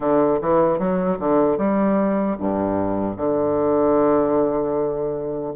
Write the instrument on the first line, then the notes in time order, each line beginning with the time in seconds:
bassoon
0.00 D3
0.41 E3
0.78 F#3
1.19 D3
1.57 G3
2.39 G2
3.16 D3